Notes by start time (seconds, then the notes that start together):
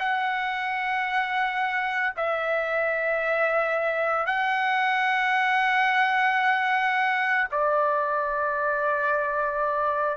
0.00 F#5
2.17 E5
4.26 F#5
7.51 D5